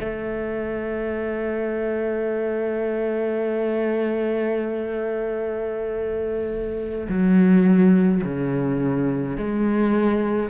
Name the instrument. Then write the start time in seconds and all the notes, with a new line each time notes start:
cello
0.00 A3
7.09 F#3
8.24 C#3
9.38 G#3